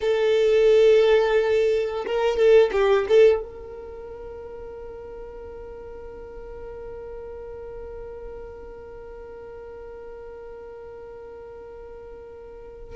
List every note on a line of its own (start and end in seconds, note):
0.00 2.05 A4
2.06 2.36 A#4
2.36 2.71 A4
2.72 3.06 G4
3.08 3.42 A4
3.42 12.95 A#4